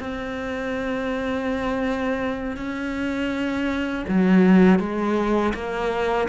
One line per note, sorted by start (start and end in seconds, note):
0.00 2.57 C4
2.57 4.05 C#4
4.08 4.80 F#3
4.80 5.54 G#3
5.54 6.28 A#3